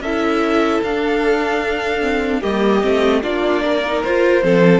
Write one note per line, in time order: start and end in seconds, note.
0.00 0.80 C#4
0.00 0.86 E4
0.00 2.40 A4
0.00 0.81 E5
0.83 2.43 D4
0.83 2.01 D4
0.83 2.42 F5
2.01 2.41 C4
2.40 2.83 G3
2.40 2.81 A#3
2.40 3.20 G4
2.40 3.22 D#5
2.81 3.23 A3
2.81 3.21 C4
3.22 4.03 A#3
3.22 3.83 D4
3.22 3.63 F4
3.22 4.02 D5
3.64 4.44 A#4
3.85 4.05 D#4
4.03 4.44 F4
4.03 4.42 F4
4.03 4.80 C5
4.42 4.80 F3
4.42 4.80 C4
4.42 4.80 A4